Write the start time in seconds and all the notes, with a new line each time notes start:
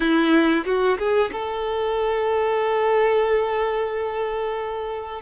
0.00 E4
0.65 F#4
0.98 G#4
1.32 A4